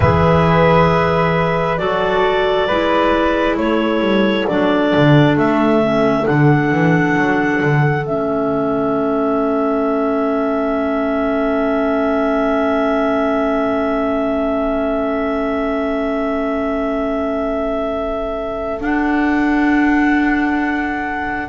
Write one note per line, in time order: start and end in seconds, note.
0.00 1.79 E3
0.00 1.77 G#4
0.00 1.79 B4
0.00 1.77 E5
1.77 2.69 F#3
1.77 2.67 F#4
1.77 2.67 A4
1.77 3.56 D5
2.67 3.57 G#3
2.67 4.48 E4
2.67 3.56 B4
3.57 3.99 A3
3.57 21.49 A4
3.57 4.47 C#5
3.99 4.44 G3
4.47 4.94 F#3
4.47 5.82 D4
4.47 5.36 D5
4.95 5.36 D3
5.36 6.26 A3
5.36 6.26 E5
5.82 6.23 C#4
6.23 6.71 D3
6.23 8.02 D4
6.23 8.05 F#5
6.71 7.16 E3
7.16 7.61 F#3
7.62 8.05 D3
8.05 18.80 A3
8.05 18.80 C#4
8.05 18.80 E5
18.80 21.49 D4
18.80 21.49 F#5